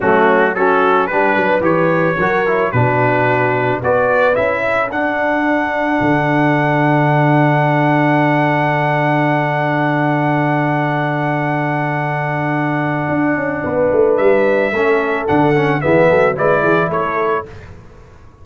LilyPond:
<<
  \new Staff \with { instrumentName = "trumpet" } { \time 4/4 \tempo 4 = 110 fis'4 a'4 b'4 cis''4~ | cis''4 b'2 d''4 | e''4 fis''2.~ | fis''1~ |
fis''1~ | fis''1~ | fis''2 e''2 | fis''4 e''4 d''4 cis''4 | }
  \new Staff \with { instrumentName = "horn" } { \time 4/4 cis'4 fis'4 g'8 b'4. | ais'4 fis'2 b'4~ | b'8 a'2.~ a'8~ | a'1~ |
a'1~ | a'1~ | a'4 b'2 a'4~ | a'4 gis'8 a'8 b'8 gis'8 a'4 | }
  \new Staff \with { instrumentName = "trombone" } { \time 4/4 a4 cis'4 d'4 g'4 | fis'8 e'8 d'2 fis'4 | e'4 d'2.~ | d'1~ |
d'1~ | d'1~ | d'2. cis'4 | d'8 cis'8 b4 e'2 | }
  \new Staff \with { instrumentName = "tuba" } { \time 4/4 fis2 g8 fis8 e4 | fis4 b,2 b4 | cis'4 d'2 d4~ | d1~ |
d1~ | d1 | d'8 cis'8 b8 a8 g4 a4 | d4 e8 fis8 gis8 e8 a4 | }
>>